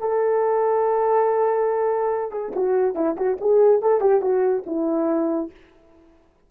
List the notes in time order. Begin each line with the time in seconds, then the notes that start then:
0.00 A4
2.32 G#4
2.56 F#4
2.95 E4
3.17 F#4
3.41 G#4
3.82 A4
4.01 G4
4.22 F#4
4.67 E4